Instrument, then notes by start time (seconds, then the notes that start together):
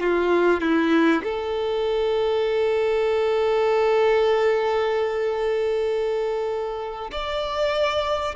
violin
0.00 F4
0.61 E4
1.24 A4
7.12 D5